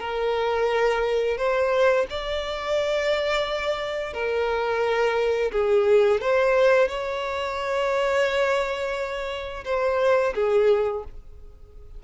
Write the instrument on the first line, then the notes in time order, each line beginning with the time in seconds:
violin
0.00 A#4
1.37 C5
2.10 D5
4.13 A#4
5.52 G#4
6.21 C5
6.88 C#5
9.65 C5
10.35 G#4